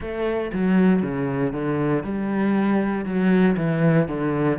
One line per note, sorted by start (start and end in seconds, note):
0.00 0.51 A3
0.52 1.02 F#3
1.02 1.53 C#3
1.53 2.03 D3
2.03 3.05 G3
3.05 3.56 F#3
3.57 4.07 E3
4.08 4.59 D3